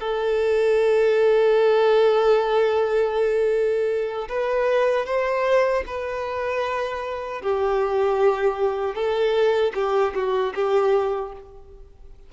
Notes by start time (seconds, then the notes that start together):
0.00 A4
4.29 B4
5.06 C5
5.87 B4
7.42 G4
8.95 A4
9.75 G4
10.15 F#4
10.55 G4